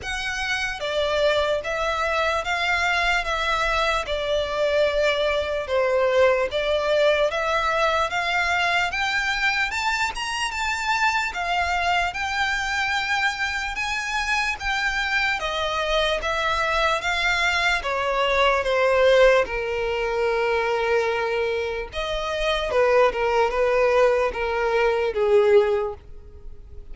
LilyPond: \new Staff \with { instrumentName = "violin" } { \time 4/4 \tempo 4 = 74 fis''4 d''4 e''4 f''4 | e''4 d''2 c''4 | d''4 e''4 f''4 g''4 | a''8 ais''8 a''4 f''4 g''4~ |
g''4 gis''4 g''4 dis''4 | e''4 f''4 cis''4 c''4 | ais'2. dis''4 | b'8 ais'8 b'4 ais'4 gis'4 | }